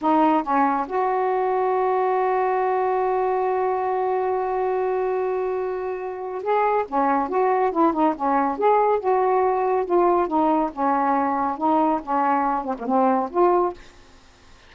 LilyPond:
\new Staff \with { instrumentName = "saxophone" } { \time 4/4 \tempo 4 = 140 dis'4 cis'4 fis'2~ | fis'1~ | fis'1~ | fis'2. gis'4 |
cis'4 fis'4 e'8 dis'8 cis'4 | gis'4 fis'2 f'4 | dis'4 cis'2 dis'4 | cis'4. c'16 ais16 c'4 f'4 | }